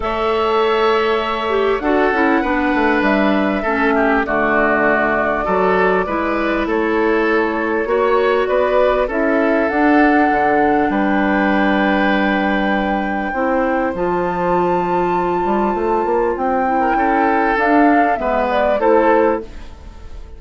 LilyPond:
<<
  \new Staff \with { instrumentName = "flute" } { \time 4/4 \tempo 4 = 99 e''2. fis''4~ | fis''4 e''2 d''4~ | d''2. cis''4~ | cis''2 d''4 e''4 |
fis''2 g''2~ | g''2. a''4~ | a''2. g''4~ | g''4 f''4 e''8 d''8 c''4 | }
  \new Staff \with { instrumentName = "oboe" } { \time 4/4 cis''2. a'4 | b'2 a'8 g'8 fis'4~ | fis'4 a'4 b'4 a'4~ | a'4 cis''4 b'4 a'4~ |
a'2 b'2~ | b'2 c''2~ | c''2.~ c''8. ais'16 | a'2 b'4 a'4 | }
  \new Staff \with { instrumentName = "clarinet" } { \time 4/4 a'2~ a'8 g'8 fis'8 e'8 | d'2 cis'4 a4~ | a4 fis'4 e'2~ | e'4 fis'2 e'4 |
d'1~ | d'2 e'4 f'4~ | f'2.~ f'8 e'8~ | e'4 d'4 b4 e'4 | }
  \new Staff \with { instrumentName = "bassoon" } { \time 4/4 a2. d'8 cis'8 | b8 a8 g4 a4 d4~ | d4 fis4 gis4 a4~ | a4 ais4 b4 cis'4 |
d'4 d4 g2~ | g2 c'4 f4~ | f4. g8 a8 ais8 c'4 | cis'4 d'4 gis4 a4 | }
>>